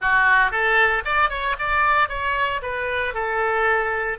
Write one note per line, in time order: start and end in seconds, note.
0.01 0.51 F#4
0.51 1.03 A4
1.04 1.29 D5
1.29 1.55 C#5
1.58 2.09 D5
2.09 2.61 C#5
2.62 3.14 B4
3.14 4.18 A4